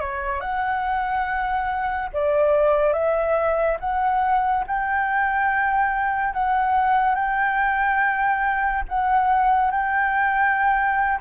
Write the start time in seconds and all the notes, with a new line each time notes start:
0.00 C#5
0.41 F#5
2.13 D5
2.93 E5
3.80 F#5
4.67 G5
6.33 F#5
7.15 G5
8.88 F#5
9.71 G5